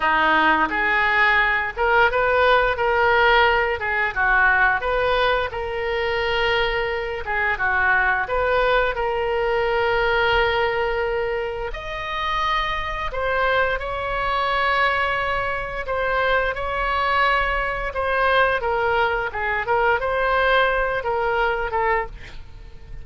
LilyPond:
\new Staff \with { instrumentName = "oboe" } { \time 4/4 \tempo 4 = 87 dis'4 gis'4. ais'8 b'4 | ais'4. gis'8 fis'4 b'4 | ais'2~ ais'8 gis'8 fis'4 | b'4 ais'2.~ |
ais'4 dis''2 c''4 | cis''2. c''4 | cis''2 c''4 ais'4 | gis'8 ais'8 c''4. ais'4 a'8 | }